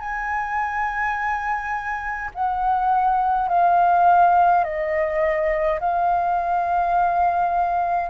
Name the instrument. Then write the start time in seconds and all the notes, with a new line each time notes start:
flute
0.00 G#5
2.35 F#5
3.49 F5
4.64 D#5
5.80 F5